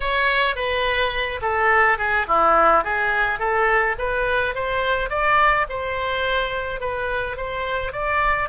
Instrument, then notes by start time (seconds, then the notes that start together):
oboe
0.00 C#5
0.55 B4
1.41 A4
1.98 G#4
2.27 E4
2.84 G#4
3.39 A4
3.98 B4
4.54 C5
5.09 D5
5.69 C5
6.80 B4
7.37 C5
7.92 D5